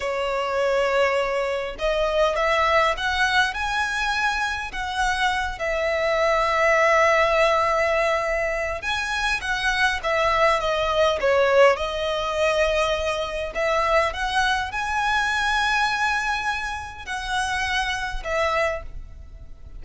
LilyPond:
\new Staff \with { instrumentName = "violin" } { \time 4/4 \tempo 4 = 102 cis''2. dis''4 | e''4 fis''4 gis''2 | fis''4. e''2~ e''8~ | e''2. gis''4 |
fis''4 e''4 dis''4 cis''4 | dis''2. e''4 | fis''4 gis''2.~ | gis''4 fis''2 e''4 | }